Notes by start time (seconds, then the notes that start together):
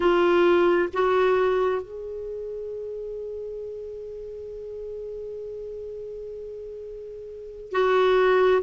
0.00 F4
0.93 F#4
1.81 G#4
7.71 F#4